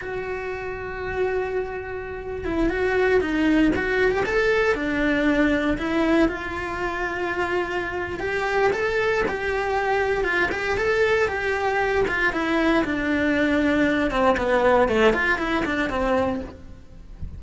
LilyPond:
\new Staff \with { instrumentName = "cello" } { \time 4/4 \tempo 4 = 117 fis'1~ | fis'8. e'8 fis'4 dis'4 fis'8. | g'16 a'4 d'2 e'8.~ | e'16 f'2.~ f'8. |
g'4 a'4 g'2 | f'8 g'8 a'4 g'4. f'8 | e'4 d'2~ d'8 c'8 | b4 a8 f'8 e'8 d'8 c'4 | }